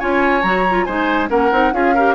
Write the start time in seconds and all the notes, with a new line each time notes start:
0.00 C#4 F4 C#5 G#5
0.42 F#3 F#4 A#5
0.70 F4
0.84 G#3 D#4 C5 G#5
1.29 A#3 C#4 A#4 F#5
1.52 C4 D#4
1.73 C#4 F4 G#4 F5
1.95 G4 A#4